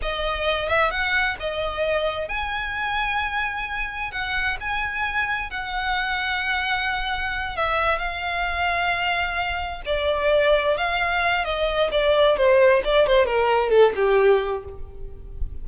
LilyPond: \new Staff \with { instrumentName = "violin" } { \time 4/4 \tempo 4 = 131 dis''4. e''8 fis''4 dis''4~ | dis''4 gis''2.~ | gis''4 fis''4 gis''2 | fis''1~ |
fis''8 e''4 f''2~ f''8~ | f''4. d''2 f''8~ | f''4 dis''4 d''4 c''4 | d''8 c''8 ais'4 a'8 g'4. | }